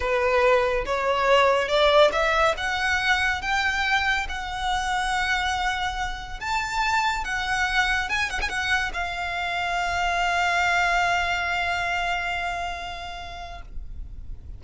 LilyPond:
\new Staff \with { instrumentName = "violin" } { \time 4/4 \tempo 4 = 141 b'2 cis''2 | d''4 e''4 fis''2 | g''2 fis''2~ | fis''2. a''4~ |
a''4 fis''2 gis''8 fis''16 gis''16 | fis''4 f''2.~ | f''1~ | f''1 | }